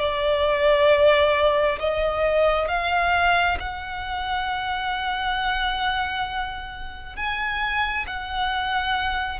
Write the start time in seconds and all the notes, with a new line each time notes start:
0.00 D5
1.80 D#5
2.68 F5
3.60 F#5
7.16 G#5
8.07 F#5